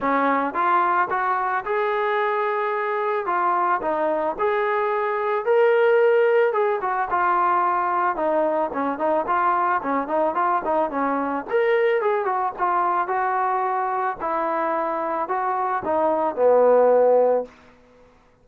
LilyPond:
\new Staff \with { instrumentName = "trombone" } { \time 4/4 \tempo 4 = 110 cis'4 f'4 fis'4 gis'4~ | gis'2 f'4 dis'4 | gis'2 ais'2 | gis'8 fis'8 f'2 dis'4 |
cis'8 dis'8 f'4 cis'8 dis'8 f'8 dis'8 | cis'4 ais'4 gis'8 fis'8 f'4 | fis'2 e'2 | fis'4 dis'4 b2 | }